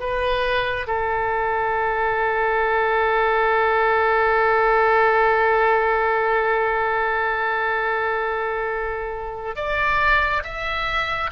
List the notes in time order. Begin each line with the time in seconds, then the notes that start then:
0.00 B4
0.87 A4
9.56 D5
10.44 E5